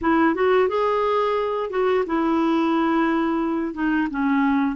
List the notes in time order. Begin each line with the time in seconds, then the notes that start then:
0.01 E4
0.34 F#4
0.68 G#4
1.70 F#4
2.06 E4
3.73 D#4
4.10 C#4